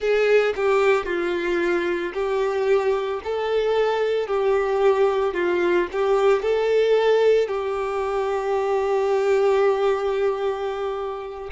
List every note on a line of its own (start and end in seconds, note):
0.00 0.54 G#4
0.56 1.05 G4
1.05 2.12 F4
2.13 3.20 G4
3.23 4.27 A4
4.27 5.34 G4
5.34 5.87 F4
5.92 6.42 G4
6.42 7.48 A4
7.48 11.49 G4